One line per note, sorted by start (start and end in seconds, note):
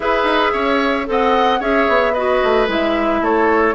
0.00 0.23 E4
0.00 1.06 G#4
0.00 0.53 B4
0.00 1.07 E5
0.23 0.50 D#4
0.53 1.07 C#4
0.53 1.06 C#5
1.06 1.60 C4
1.06 1.59 A4
1.06 1.60 D#5
1.06 1.62 F#5
1.60 1.87 C#4
1.60 2.13 G#4
1.60 2.13 C#5
1.60 2.14 E5
1.88 2.41 B3
2.13 2.67 F#4
2.13 3.20 B4
2.13 2.67 D#5
2.43 2.68 A3
2.67 3.21 G#3
2.67 3.74 E4
2.67 3.24 E5
3.21 3.74 A3
3.21 3.74 A4
3.21 3.74 C#5